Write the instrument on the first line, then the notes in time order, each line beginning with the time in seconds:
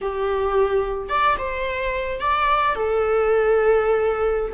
viola
0.01 G4
1.08 D5
1.38 C5
2.20 D5
2.75 A4